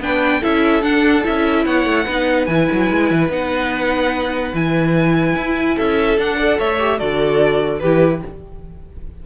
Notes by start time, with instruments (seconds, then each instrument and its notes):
0.00 cello B3, viola D4, violin B4 G5
0.42 cello C#4, viola E4, violin A4 E5
0.82 viola D4, cello D4, violin F#5
1.23 cello C#4, viola E4, violin E5
1.66 cello B3, violin C#5 F#5
1.86 cello A3
2.05 cello B3, viola D#4, violin B4
2.46 cello E3, viola E4, violin G#5
2.72 cello F#3
2.91 cello G#3
3.11 cello E3
3.29 cello B3, viola D#4, violin F#5
4.54 cello E3, viola E4, violin G#5
5.37 cello E4
5.76 cello C#4, violin A4 E5
6.18 cello D4, viola D4, violin F#5
6.37 viola A4, violin D5
6.59 cello A3, violin C#5 E5
6.80 viola G4
6.99 cello D3, viola F#4, violin A4 D5
7.80 cello E3, viola E4, violin G4 B4